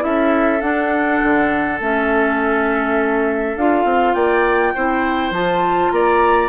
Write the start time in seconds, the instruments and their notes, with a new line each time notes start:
0.00 bassoon C#4, clarinet E4, oboe A4, flute E5
0.61 bassoon D4, clarinet D4, flute F#5
1.23 bassoon D3
1.80 bassoon A3, clarinet C#4, flute E5
3.56 bassoon D4, clarinet F4, flute F5
3.85 bassoon C4
4.14 bassoon A#3, oboe D5, flute G5
4.75 bassoon C4, clarinet E4, oboe C5
5.31 bassoon F3, clarinet F4, flute A5
5.91 bassoon A#3, oboe D5, flute A#5